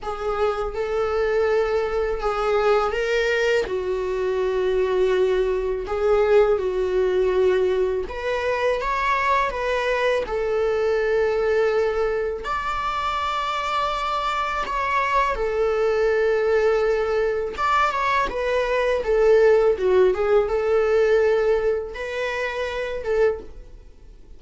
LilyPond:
\new Staff \with { instrumentName = "viola" } { \time 4/4 \tempo 4 = 82 gis'4 a'2 gis'4 | ais'4 fis'2. | gis'4 fis'2 b'4 | cis''4 b'4 a'2~ |
a'4 d''2. | cis''4 a'2. | d''8 cis''8 b'4 a'4 fis'8 gis'8 | a'2 b'4. a'8 | }